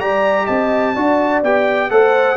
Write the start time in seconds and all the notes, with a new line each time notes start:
0.00 G3 G4 D5 A#5
0.46 C4 D#5 A5
0.95 D4 F#4 D5
1.44 B3 G4 G5
1.91 A3 A4 C5 F#5